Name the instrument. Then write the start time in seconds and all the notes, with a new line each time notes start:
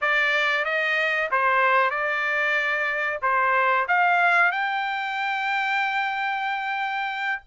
trumpet
0.01 D5
0.65 D#5
1.31 C5
1.90 D5
3.22 C5
3.88 F5
4.51 G5